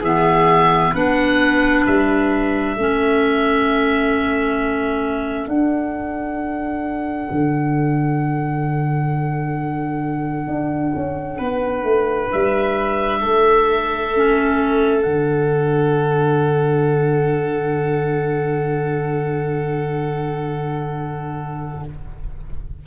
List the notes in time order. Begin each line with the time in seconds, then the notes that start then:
0.00 E3 B3 G#4 E5
0.92 B3 D4 B4 F#5
1.86 G3 E5
2.74 A3 C#4 A4
5.47 D4 F#5
7.31 D3
10.47 D4
10.95 C#4
11.38 B3 B4
11.84 A3
12.32 G3 E5
13.20 A3 A4
14.15 C#4
15.02 D3 D4 F#5